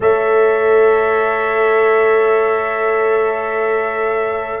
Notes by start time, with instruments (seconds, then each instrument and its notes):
0.00 tuba A3, trombone A4, horn C#5, trumpet E5